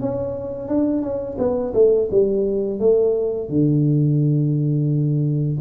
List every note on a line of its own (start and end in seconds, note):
0.00 0.68 C#4
0.68 1.02 D4
1.02 1.37 C#4
1.38 1.73 B3
1.74 2.09 A3
2.11 2.79 G3
2.79 3.49 A3
3.49 5.58 D3